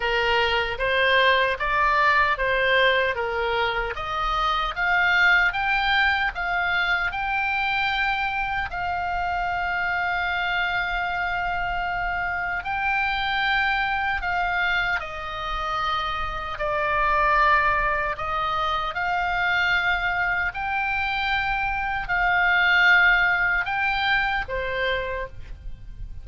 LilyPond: \new Staff \with { instrumentName = "oboe" } { \time 4/4 \tempo 4 = 76 ais'4 c''4 d''4 c''4 | ais'4 dis''4 f''4 g''4 | f''4 g''2 f''4~ | f''1 |
g''2 f''4 dis''4~ | dis''4 d''2 dis''4 | f''2 g''2 | f''2 g''4 c''4 | }